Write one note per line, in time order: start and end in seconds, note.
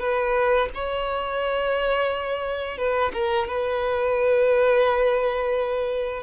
0.00 0.69 B4
0.75 2.78 C#5
2.78 3.12 B4
3.13 3.48 A#4
3.48 6.23 B4